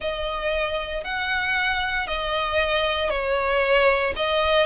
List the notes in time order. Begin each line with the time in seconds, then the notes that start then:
0.00 D#5
1.03 F#5
2.07 D#5
3.10 C#5
4.16 D#5